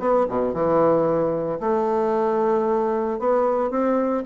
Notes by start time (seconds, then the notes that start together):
0.00 B3
0.29 B2
0.54 E3
1.60 A3
3.19 B3
3.71 C4